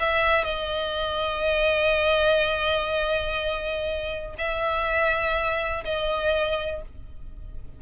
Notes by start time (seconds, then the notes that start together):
0.00 E5
0.45 D#5
4.38 E5
5.84 D#5